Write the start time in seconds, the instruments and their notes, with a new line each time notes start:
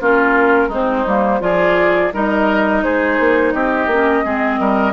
0.00 bassoon A#3, clarinet C#4, oboe F4, flute A#4
0.68 bassoon G#3, clarinet C4, oboe D#4, flute C5
1.06 bassoon G3, clarinet A#3
1.40 bassoon F3, clarinet F4, oboe G#4, flute D5
2.13 bassoon G3, clarinet D#4, oboe A#4, flute D#5
2.83 bassoon G#3, oboe G#4, flute C5
3.19 bassoon A#3
3.53 bassoon C4, oboe G4, flute D#5
3.87 bassoon A#3, clarinet C#4
4.24 bassoon G#3, clarinet C4, oboe G#4
4.59 bassoon G3, oboe A#4